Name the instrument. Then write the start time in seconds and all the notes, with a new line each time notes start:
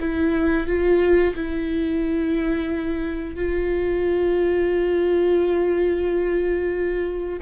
viola
0.00 E4
0.67 F4
1.35 E4
3.36 F4